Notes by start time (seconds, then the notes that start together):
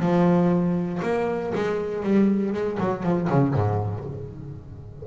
0.00 F3
1.03 A#3
1.55 G#3
2.03 G3
2.53 G#3
2.80 F#3
3.03 F3
3.30 C#3
3.54 G#2